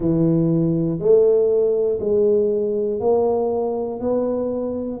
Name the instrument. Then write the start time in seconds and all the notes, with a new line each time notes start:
tuba
0.00 E3
0.99 A3
2.00 G#3
3.00 A#3
4.00 B3